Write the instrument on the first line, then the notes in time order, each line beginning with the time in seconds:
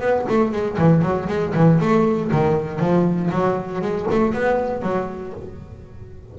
double bass
0.00 B3
0.28 A3
0.51 G#3
0.78 E3
1.02 F#3
1.28 G#3
1.54 E3
1.80 A3
2.31 D#3
2.79 F3
3.31 F#3
3.81 G#3
4.10 A3
4.33 B3
4.82 F#3